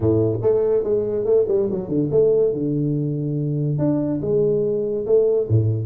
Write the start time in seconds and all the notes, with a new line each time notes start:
0.00 A2
0.41 A3
0.83 G#3
1.25 A3
1.48 G3
1.70 F#3
1.88 D3
2.11 A3
2.53 D3
3.78 D4
4.21 G#3
5.06 A3
5.48 A2